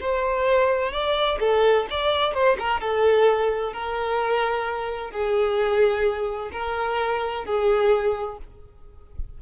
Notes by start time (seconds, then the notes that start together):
0.00 C5
0.92 D5
1.40 A4
1.90 D5
2.34 C5
2.59 A#4
2.80 A4
3.73 A#4
5.11 G#4
6.52 A#4
7.44 G#4